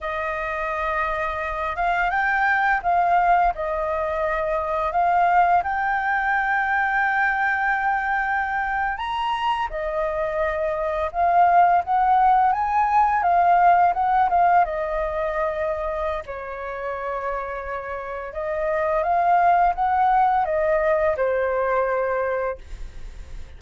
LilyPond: \new Staff \with { instrumentName = "flute" } { \time 4/4 \tempo 4 = 85 dis''2~ dis''8 f''8 g''4 | f''4 dis''2 f''4 | g''1~ | g''8. ais''4 dis''2 f''16~ |
f''8. fis''4 gis''4 f''4 fis''16~ | fis''16 f''8 dis''2~ dis''16 cis''4~ | cis''2 dis''4 f''4 | fis''4 dis''4 c''2 | }